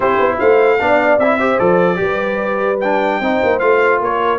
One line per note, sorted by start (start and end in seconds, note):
0.00 0.17 C4
0.00 0.79 E4
0.00 0.37 G4
0.00 0.38 C5
0.19 0.39 B3
0.39 0.80 A3
0.39 0.79 C5
0.39 1.19 F5
0.79 1.17 B3
0.79 1.19 D4
0.79 1.37 D5
1.17 1.57 C4
1.17 1.39 E4
1.17 1.59 E5
1.37 1.58 G4
1.37 1.97 C5
1.58 2.00 F3
1.58 1.96 A4
1.58 2.79 D5
1.96 3.20 G3
1.96 2.76 G4
1.96 3.21 B4
2.80 3.22 D4
2.80 3.59 G5
3.20 3.40 C4
3.20 3.61 D#4
3.20 4.01 C5
3.43 3.61 A#3
3.59 4.00 A3
3.59 4.38 F4
3.59 3.99 F5
4.00 4.38 A#3
4.00 4.38 A#4
4.00 4.38 C#5